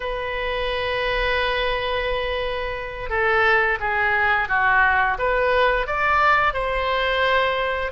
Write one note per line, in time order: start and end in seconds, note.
0.00 3.09 B4
3.09 3.78 A4
3.79 4.48 G#4
4.48 5.17 F#4
5.18 5.86 B4
5.86 6.53 D5
6.53 7.91 C5